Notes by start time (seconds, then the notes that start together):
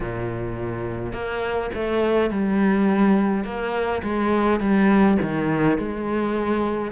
0.00 A#2
1.13 A#3
1.74 A3
2.30 G3
3.44 A#3
4.02 G#3
4.59 G3
5.21 D#3
5.77 G#3